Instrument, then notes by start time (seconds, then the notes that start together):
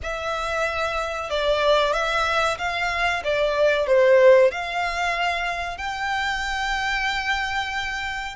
violin
0.02 E5
1.30 D5
1.93 E5
2.58 F5
3.24 D5
3.86 C5
4.51 F5
5.77 G5